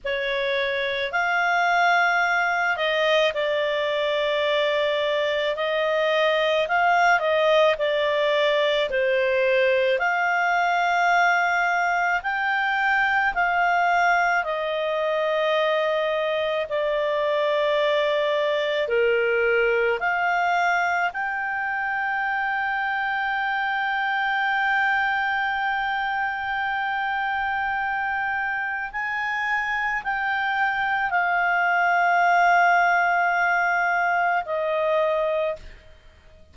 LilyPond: \new Staff \with { instrumentName = "clarinet" } { \time 4/4 \tempo 4 = 54 cis''4 f''4. dis''8 d''4~ | d''4 dis''4 f''8 dis''8 d''4 | c''4 f''2 g''4 | f''4 dis''2 d''4~ |
d''4 ais'4 f''4 g''4~ | g''1~ | g''2 gis''4 g''4 | f''2. dis''4 | }